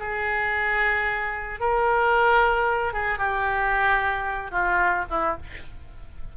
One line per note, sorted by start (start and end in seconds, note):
0.00 1.60 G#4
1.60 2.93 A#4
2.93 3.19 G#4
3.19 4.51 G4
4.51 5.05 F4
5.10 5.37 E4